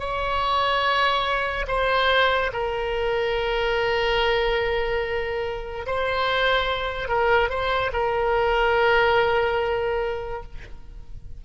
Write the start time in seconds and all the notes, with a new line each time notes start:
0.00 C#5
1.68 C5
2.53 A#4
5.87 C5
7.09 A#4
7.50 C5
7.93 A#4